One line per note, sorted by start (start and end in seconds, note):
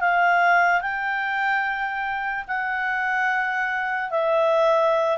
0.00 0.82 F5
0.82 2.45 G5
2.48 4.11 F#5
4.11 5.18 E5